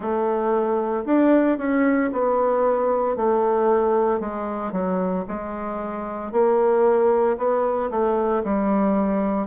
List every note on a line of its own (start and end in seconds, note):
0.00 1.04 A3
1.05 1.58 D4
1.58 2.11 C#4
2.12 3.16 B3
3.16 4.20 A3
4.20 4.72 G#3
4.72 5.24 F#3
5.27 6.32 G#3
6.32 7.37 A#3
7.37 7.89 B3
7.90 8.43 A3
8.44 9.47 G3